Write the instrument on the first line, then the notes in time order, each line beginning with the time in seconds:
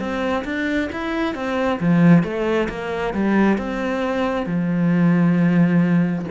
cello
0.00 C4
0.45 D4
0.92 E4
1.35 C4
1.80 F3
2.23 A3
2.69 A#3
3.14 G3
3.58 C4
4.47 F3